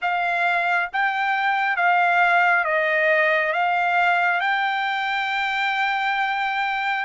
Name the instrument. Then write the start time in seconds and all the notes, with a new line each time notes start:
trumpet
0.01 F5
0.92 G5
1.76 F5
2.64 D#5
3.52 F5
4.40 G5